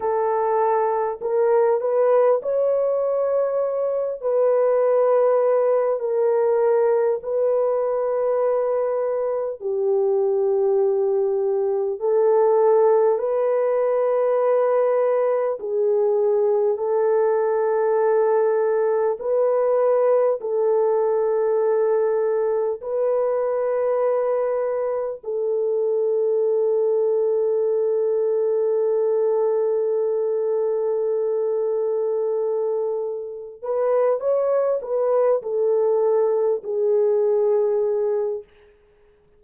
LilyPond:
\new Staff \with { instrumentName = "horn" } { \time 4/4 \tempo 4 = 50 a'4 ais'8 b'8 cis''4. b'8~ | b'4 ais'4 b'2 | g'2 a'4 b'4~ | b'4 gis'4 a'2 |
b'4 a'2 b'4~ | b'4 a'2.~ | a'1 | b'8 cis''8 b'8 a'4 gis'4. | }